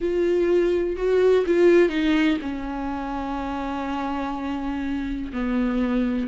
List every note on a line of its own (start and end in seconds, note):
0.00 0.96 F4
0.96 1.45 F#4
1.46 1.89 F4
1.89 2.37 D#4
2.41 5.32 C#4
5.32 6.27 B3